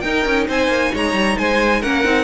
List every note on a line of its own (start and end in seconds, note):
0.00 0.25 D#4
0.00 1.84 D#4
0.00 0.47 A#4
0.00 0.45 G5
0.25 0.48 C#4
0.47 0.68 C4
0.47 0.92 C5
0.47 0.95 G#5
0.68 0.90 A#3
0.93 1.13 G#3
0.93 1.38 C#5
0.93 1.38 A#5
1.13 1.36 G3
1.38 1.83 G#3
1.38 1.80 C5
1.38 1.82 G#5
1.80 2.05 A#3
1.80 2.04 C#4
1.80 2.24 A#4
1.80 2.24 F#5
2.04 2.24 C4
2.04 2.24 D#4